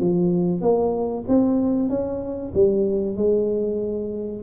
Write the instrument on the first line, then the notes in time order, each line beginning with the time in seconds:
tuba
0.00 F3
0.62 A#3
1.28 C4
1.89 C#4
2.55 G3
3.17 G#3